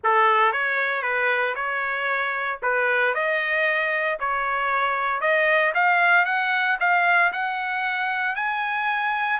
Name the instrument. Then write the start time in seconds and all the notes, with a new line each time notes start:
trumpet
0.03 A4
0.52 C#5
1.02 B4
1.55 C#5
2.62 B4
3.14 D#5
4.19 C#5
5.20 D#5
5.74 F5
6.25 F#5
6.79 F5
7.32 F#5
8.35 G#5